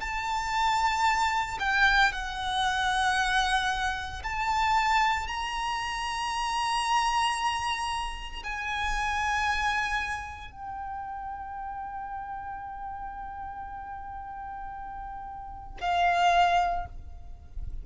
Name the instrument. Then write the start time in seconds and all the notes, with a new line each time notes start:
violin
0.00 A5
1.59 G5
2.12 F#5
4.23 A5
5.27 A#5
8.43 G#5
10.51 G5
15.80 F5